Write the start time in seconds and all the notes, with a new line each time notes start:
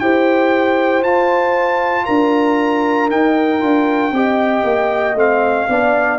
0.00 E4 G4 C5 G5
1.03 F4 A5
2.06 D4 A#4 A#5
3.11 D#4 G5
3.60 D4 F4
4.12 C4 G4 D#5
4.64 A#3
5.15 A3 C4 F5
5.69 B3 D4 D5